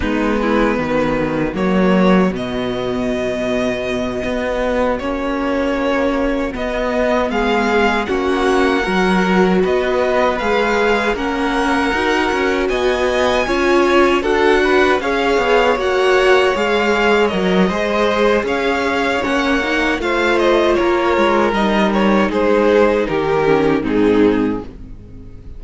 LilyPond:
<<
  \new Staff \with { instrumentName = "violin" } { \time 4/4 \tempo 4 = 78 b'2 cis''4 dis''4~ | dis''2~ dis''8 cis''4.~ | cis''8 dis''4 f''4 fis''4.~ | fis''8 dis''4 f''4 fis''4.~ |
fis''8 gis''2 fis''4 f''8~ | f''8 fis''4 f''4 dis''4. | f''4 fis''4 f''8 dis''8 cis''4 | dis''8 cis''8 c''4 ais'4 gis'4 | }
  \new Staff \with { instrumentName = "violin" } { \time 4/4 dis'8 e'8 fis'2.~ | fis'1~ | fis'4. gis'4 fis'4 ais'8~ | ais'8 b'2 ais'4.~ |
ais'8 dis''4 cis''4 a'8 b'8 cis''8~ | cis''2. c''4 | cis''2 c''4 ais'4~ | ais'4 gis'4 g'4 dis'4 | }
  \new Staff \with { instrumentName = "viola" } { \time 4/4 b2 ais4 b4~ | b2~ b8 cis'4.~ | cis'8 b2 cis'4 fis'8~ | fis'4. gis'4 cis'4 fis'8~ |
fis'4. f'4 fis'4 gis'8~ | gis'8 fis'4 gis'4 ais'8 gis'4~ | gis'4 cis'8 dis'8 f'2 | dis'2~ dis'8 cis'8 c'4 | }
  \new Staff \with { instrumentName = "cello" } { \time 4/4 gis4 dis4 fis4 b,4~ | b,4. b4 ais4.~ | ais8 b4 gis4 ais4 fis8~ | fis8 b4 gis4 ais4 dis'8 |
cis'8 b4 cis'4 d'4 cis'8 | b8 ais4 gis4 fis8 gis4 | cis'4 ais4 a4 ais8 gis8 | g4 gis4 dis4 gis,4 | }
>>